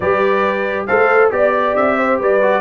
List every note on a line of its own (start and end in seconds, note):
0.00 0.85 G3
0.00 0.88 G4
0.00 0.87 B4
0.00 0.86 D5
0.86 1.31 A3
0.86 1.30 A4
0.86 1.31 C5
0.86 1.30 F5
1.30 1.75 B3
1.30 2.40 G4
1.30 1.75 D5
1.30 1.97 D5
1.75 2.20 C4
1.75 2.19 E5
1.97 2.19 C5
2.19 2.60 G3
2.19 2.60 B4
2.19 2.60 D5
2.42 2.60 F#4